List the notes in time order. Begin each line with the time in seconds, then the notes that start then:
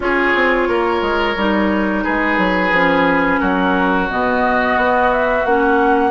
0.00 C#4 F4 G#4 C#5
0.34 C4
0.68 A#3 A#4
1.01 G#3
1.36 G3 D#4
2.03 G#3 G#4 B4
2.37 F#3
2.71 F3 C#4
3.39 F#3 F#4 A#4
4.09 B2 B3 D#5
4.76 B3
5.12 E5
5.44 A#3 C#4 F#5